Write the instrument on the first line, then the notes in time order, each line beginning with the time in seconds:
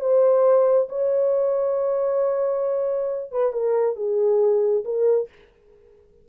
horn
0.00 C5
0.89 C#5
3.31 B4
3.53 A#4
3.96 G#4
4.84 A#4